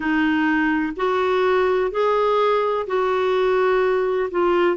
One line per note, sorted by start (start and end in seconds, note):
0.00 0.93 D#4
0.96 1.90 F#4
1.90 2.86 G#4
2.86 4.29 F#4
4.30 4.76 F4